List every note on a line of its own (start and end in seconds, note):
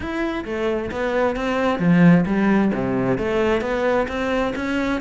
0.00 0.44 E4
0.44 0.90 A3
0.91 1.36 B3
1.36 1.79 C4
1.79 2.24 F3
2.26 2.71 G3
2.74 3.17 C3
3.17 3.61 A3
3.61 4.06 B3
4.08 4.53 C4
4.55 5.00 C#4